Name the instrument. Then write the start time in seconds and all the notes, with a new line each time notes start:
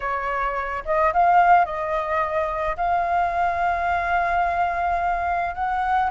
flute
0.00 C#5
0.85 D#5
1.13 F5
1.65 D#5
2.77 F5
5.54 F#5